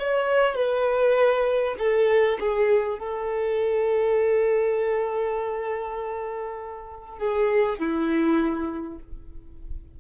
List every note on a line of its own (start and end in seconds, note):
0.00 0.56 C#5
0.56 1.76 B4
1.79 2.39 A4
2.40 2.99 G#4
2.99 7.19 A4
7.19 7.79 G#4
7.79 8.99 E4